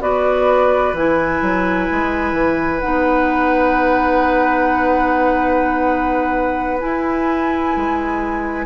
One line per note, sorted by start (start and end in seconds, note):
0.00 0.93 B3
0.00 0.94 F#4
0.00 8.66 B4
0.00 0.95 D5
0.93 1.40 E3
0.93 2.81 E4
0.93 2.79 G#5
1.42 1.88 F#3
1.91 2.32 G#3
2.32 2.79 E3
2.79 6.83 B3
2.79 6.79 D#4
2.79 6.78 F#5
6.79 8.66 E4
6.79 7.76 E4
6.79 8.66 G#5
7.76 8.66 G#3